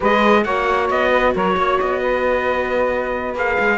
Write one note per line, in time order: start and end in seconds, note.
0.00 0.45 G#3
0.00 0.43 G#4
0.00 0.42 B4
0.00 0.44 D#5
0.44 0.90 A#3
0.44 3.35 F#4
0.44 1.11 C#5
0.44 0.88 F#5
0.90 1.35 B3
0.90 1.35 D#5
1.11 1.33 B4
1.34 1.56 F#3
1.34 1.56 A#4
1.34 1.79 C#5
1.56 1.78 A#3
1.56 2.01 C#5
1.79 3.35 B3
1.79 3.36 D#5
2.01 3.78 B4
3.35 3.57 A#3
3.35 3.78 G#4
3.35 3.78 F5
3.59 3.78 G#3